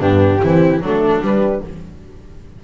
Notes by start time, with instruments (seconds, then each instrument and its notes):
0.00 double bass G2, horn B3, viola D4, flute G4
0.41 double bass E3, horn C4, viola E4
0.81 double bass F#3, horn A3, viola D4, flute A4
1.21 double bass G3, horn G3, flute B4